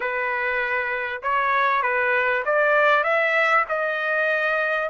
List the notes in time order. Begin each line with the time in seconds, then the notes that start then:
0.00 B4
1.22 C#5
1.82 B4
2.45 D5
3.03 E5
3.68 D#5